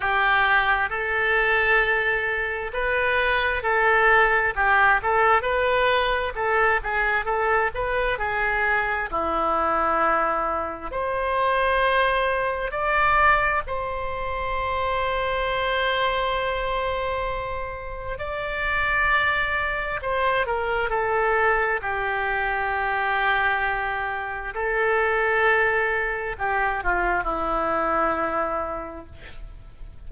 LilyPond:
\new Staff \with { instrumentName = "oboe" } { \time 4/4 \tempo 4 = 66 g'4 a'2 b'4 | a'4 g'8 a'8 b'4 a'8 gis'8 | a'8 b'8 gis'4 e'2 | c''2 d''4 c''4~ |
c''1 | d''2 c''8 ais'8 a'4 | g'2. a'4~ | a'4 g'8 f'8 e'2 | }